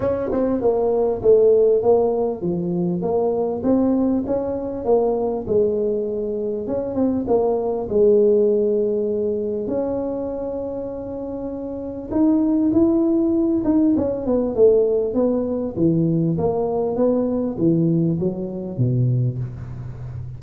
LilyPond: \new Staff \with { instrumentName = "tuba" } { \time 4/4 \tempo 4 = 99 cis'8 c'8 ais4 a4 ais4 | f4 ais4 c'4 cis'4 | ais4 gis2 cis'8 c'8 | ais4 gis2. |
cis'1 | dis'4 e'4. dis'8 cis'8 b8 | a4 b4 e4 ais4 | b4 e4 fis4 b,4 | }